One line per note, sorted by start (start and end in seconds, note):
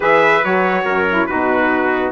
0.00 0.42 E3
0.00 0.41 G#4
0.00 0.84 B4
0.00 0.44 E5
0.42 0.84 F#3
0.42 1.06 F#4
0.42 1.26 C#5
0.84 1.27 F#2
0.84 1.27 A#4
1.09 1.29 E4
1.26 2.11 B2
1.26 2.11 D#4
1.26 2.11 F#4
1.26 2.11 B4